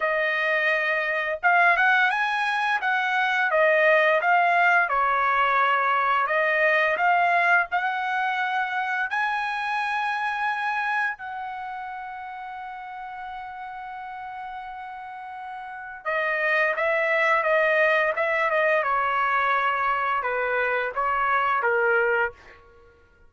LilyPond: \new Staff \with { instrumentName = "trumpet" } { \time 4/4 \tempo 4 = 86 dis''2 f''8 fis''8 gis''4 | fis''4 dis''4 f''4 cis''4~ | cis''4 dis''4 f''4 fis''4~ | fis''4 gis''2. |
fis''1~ | fis''2. dis''4 | e''4 dis''4 e''8 dis''8 cis''4~ | cis''4 b'4 cis''4 ais'4 | }